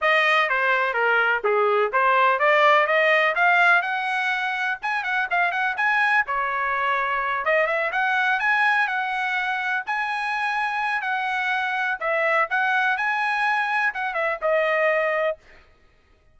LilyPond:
\new Staff \with { instrumentName = "trumpet" } { \time 4/4 \tempo 4 = 125 dis''4 c''4 ais'4 gis'4 | c''4 d''4 dis''4 f''4 | fis''2 gis''8 fis''8 f''8 fis''8 | gis''4 cis''2~ cis''8 dis''8 |
e''8 fis''4 gis''4 fis''4.~ | fis''8 gis''2~ gis''8 fis''4~ | fis''4 e''4 fis''4 gis''4~ | gis''4 fis''8 e''8 dis''2 | }